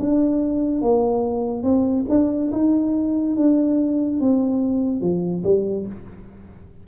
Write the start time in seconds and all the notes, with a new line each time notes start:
0.00 D4
0.82 A#3
1.64 C4
2.09 D4
2.52 D#4
3.37 D4
4.21 C4
5.02 F3
5.44 G3